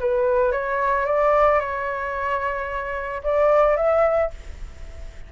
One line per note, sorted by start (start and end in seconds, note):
0.00 0.52 B4
0.52 1.06 C#5
1.06 1.60 D5
1.60 3.22 C#5
3.24 3.77 D5
3.77 4.31 E5